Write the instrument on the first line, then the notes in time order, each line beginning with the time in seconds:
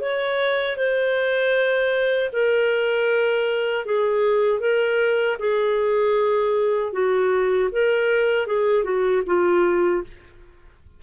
clarinet
0.00 C#5
0.76 C5
2.32 A#4
3.85 G#4
4.60 A#4
5.39 G#4
6.92 F#4
7.71 A#4
8.47 G#4
8.84 F#4
9.26 F4